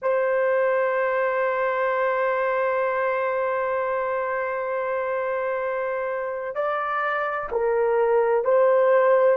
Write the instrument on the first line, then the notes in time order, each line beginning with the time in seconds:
horn
0.02 C5
6.55 D5
7.51 A#4
8.44 C5